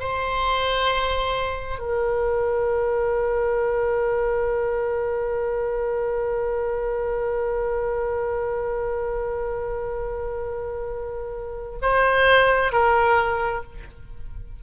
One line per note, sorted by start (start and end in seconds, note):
0.00 1.79 C5
1.79 11.79 A#4
11.81 12.72 C5
12.72 13.63 A#4